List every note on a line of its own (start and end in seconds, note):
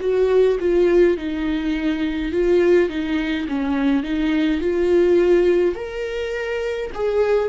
0.00 0.58 F#4
0.60 1.17 F4
1.17 2.32 D#4
2.32 2.89 F4
2.89 3.47 D#4
3.48 4.03 C#4
4.03 4.60 D#4
4.60 5.75 F4
5.75 6.91 A#4
6.94 7.49 G#4